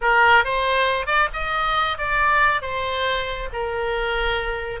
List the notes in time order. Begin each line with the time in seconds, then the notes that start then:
0.01 A#4
0.44 C5
1.06 D5
1.33 D#5
1.98 D5
2.61 C5
3.53 A#4